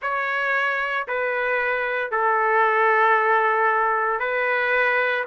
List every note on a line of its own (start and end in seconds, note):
0.01 1.07 C#5
1.07 2.11 B4
2.11 4.19 A4
4.19 5.24 B4